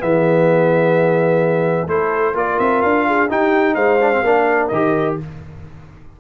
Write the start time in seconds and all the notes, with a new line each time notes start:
0.00 E3 B3 G#4 E5
1.88 A3 E4 A4 C5
2.35 A#3 F4 A#4 D5
2.59 C4 E5
2.82 D4 F5
3.07 G#4
3.30 D#4 G4 G5
3.75 G#3 C5 F5
4.01 D4
4.12 C4
4.23 A#3 D4 A#4
4.68 D#3 G4 D#5